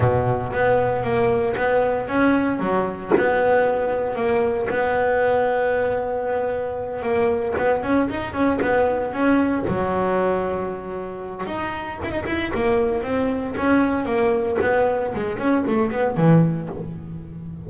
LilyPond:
\new Staff \with { instrumentName = "double bass" } { \time 4/4 \tempo 4 = 115 b,4 b4 ais4 b4 | cis'4 fis4 b2 | ais4 b2.~ | b4. ais4 b8 cis'8 dis'8 |
cis'8 b4 cis'4 fis4.~ | fis2 dis'4 e'16 dis'16 e'8 | ais4 c'4 cis'4 ais4 | b4 gis8 cis'8 a8 b8 e4 | }